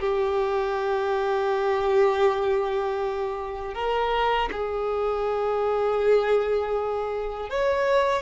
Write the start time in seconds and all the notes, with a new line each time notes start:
0.00 G4
3.75 A#4
4.52 G#4
7.50 C#5